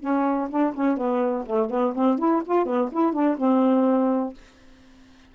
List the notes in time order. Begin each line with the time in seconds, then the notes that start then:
0.00 C#4
0.49 D4
0.74 C#4
0.97 B3
1.46 A3
1.70 B3
1.95 C4
2.18 E4
2.45 F4
2.65 B3
2.92 E4
3.13 D4
3.38 C4